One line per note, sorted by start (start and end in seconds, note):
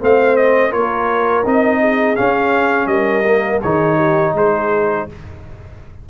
0.00 0.74 A3
0.00 0.71 C4
0.00 0.71 C5
0.00 0.36 F5
0.36 0.72 D#5
0.71 1.45 A#3
0.71 1.44 F4
0.71 1.79 A#4
0.71 1.45 C#5
1.45 2.18 C4
1.45 2.16 D#4
1.45 2.16 D#5
1.81 2.89 G#4
2.16 3.24 C#4
2.16 2.87 C#4
2.16 2.87 F5
2.87 3.59 G3
2.87 3.61 A#4
2.87 3.59 D#5
3.25 3.61 A#3
3.61 4.34 D#3
3.61 5.09 D#4
3.61 3.97 G#4
3.61 4.35 C#5
3.97 4.33 G4
4.34 5.07 G#3
4.34 5.08 G#4
4.34 5.09 C5